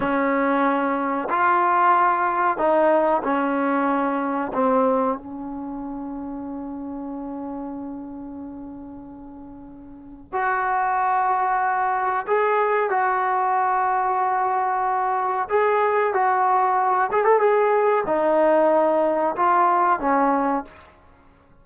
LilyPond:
\new Staff \with { instrumentName = "trombone" } { \time 4/4 \tempo 4 = 93 cis'2 f'2 | dis'4 cis'2 c'4 | cis'1~ | cis'1 |
fis'2. gis'4 | fis'1 | gis'4 fis'4. gis'16 a'16 gis'4 | dis'2 f'4 cis'4 | }